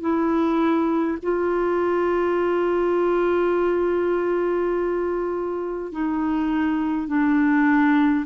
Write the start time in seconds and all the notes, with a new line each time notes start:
0.00 E4
1.22 F4
5.91 D#4
7.07 D4